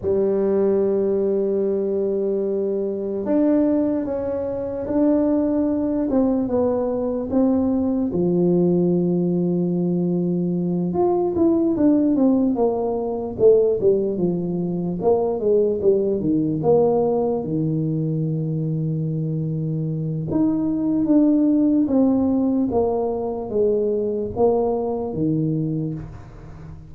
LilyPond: \new Staff \with { instrumentName = "tuba" } { \time 4/4 \tempo 4 = 74 g1 | d'4 cis'4 d'4. c'8 | b4 c'4 f2~ | f4. f'8 e'8 d'8 c'8 ais8~ |
ais8 a8 g8 f4 ais8 gis8 g8 | dis8 ais4 dis2~ dis8~ | dis4 dis'4 d'4 c'4 | ais4 gis4 ais4 dis4 | }